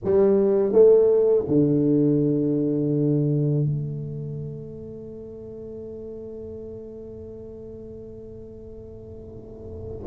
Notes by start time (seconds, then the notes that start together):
0.04 G3
0.72 A3
1.47 D3
3.66 A3